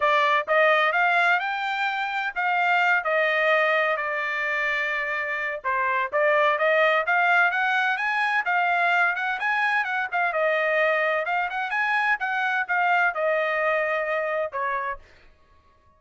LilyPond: \new Staff \with { instrumentName = "trumpet" } { \time 4/4 \tempo 4 = 128 d''4 dis''4 f''4 g''4~ | g''4 f''4. dis''4.~ | dis''8 d''2.~ d''8 | c''4 d''4 dis''4 f''4 |
fis''4 gis''4 f''4. fis''8 | gis''4 fis''8 f''8 dis''2 | f''8 fis''8 gis''4 fis''4 f''4 | dis''2. cis''4 | }